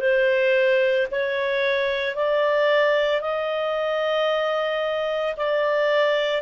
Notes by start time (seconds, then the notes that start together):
0.00 C5
1.12 C#5
2.16 D5
3.21 D#5
5.37 D5